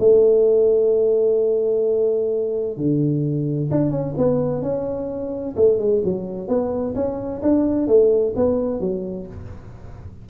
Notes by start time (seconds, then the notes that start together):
0.00 A3
2.77 D3
3.71 D4
3.91 C#4
4.18 B3
4.63 C#4
5.56 A3
5.79 G#3
6.04 F#3
6.48 B3
6.95 C#4
7.42 D4
7.88 A3
8.36 B3
8.81 F#3